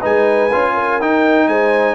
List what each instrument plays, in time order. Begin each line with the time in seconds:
0.00 tuba G#3, trombone D#4, horn B4, trumpet G#5
0.53 tuba C#4, trombone F4
0.74 horn A#4
1.01 tuba D#4, trombone D#4, trumpet G5
1.48 tuba G#3, horn C5, trumpet G#5